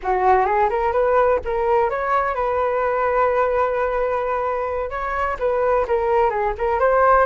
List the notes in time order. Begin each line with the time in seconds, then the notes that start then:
0.02 F#4
0.45 G#4
0.69 A#4
0.92 B4
1.44 A#4
1.90 C#5
2.34 B4
4.90 C#5
5.39 B4
5.87 A#4
6.29 G#4
6.58 A#4
6.79 C5